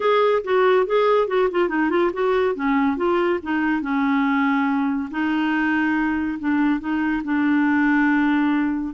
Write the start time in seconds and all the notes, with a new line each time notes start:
0.00 G#4
0.44 F#4
0.86 G#4
1.27 F#4
1.51 F4
1.68 D#4
1.90 F4
2.13 F#4
2.55 C#4
2.97 F4
3.43 D#4
3.81 C#4
5.10 D#4
6.39 D4
6.79 D#4
7.24 D4